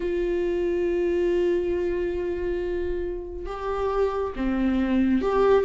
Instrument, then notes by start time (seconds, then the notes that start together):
viola
0.00 F4
3.46 G4
4.36 C4
5.21 G4